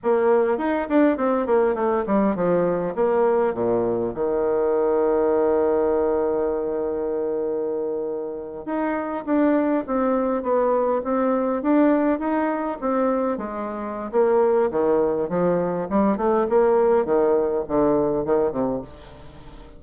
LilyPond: \new Staff \with { instrumentName = "bassoon" } { \time 4/4 \tempo 4 = 102 ais4 dis'8 d'8 c'8 ais8 a8 g8 | f4 ais4 ais,4 dis4~ | dis1~ | dis2~ dis8. dis'4 d'16~ |
d'8. c'4 b4 c'4 d'16~ | d'8. dis'4 c'4 gis4~ gis16 | ais4 dis4 f4 g8 a8 | ais4 dis4 d4 dis8 c8 | }